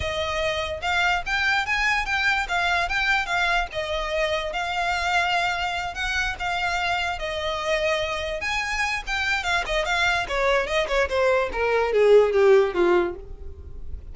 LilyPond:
\new Staff \with { instrumentName = "violin" } { \time 4/4 \tempo 4 = 146 dis''2 f''4 g''4 | gis''4 g''4 f''4 g''4 | f''4 dis''2 f''4~ | f''2~ f''8 fis''4 f''8~ |
f''4. dis''2~ dis''8~ | dis''8 gis''4. g''4 f''8 dis''8 | f''4 cis''4 dis''8 cis''8 c''4 | ais'4 gis'4 g'4 f'4 | }